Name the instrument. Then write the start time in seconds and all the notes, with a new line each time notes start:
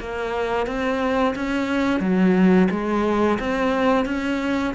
cello
0.00 A#3
0.66 C4
1.35 C#4
2.00 F#3
2.71 G#3
3.39 C4
4.05 C#4